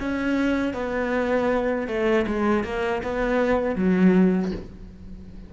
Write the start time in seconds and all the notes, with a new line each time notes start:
0.00 C#4
0.73 B3
1.87 A3
2.26 G#3
2.64 A#3
3.03 B3
3.76 F#3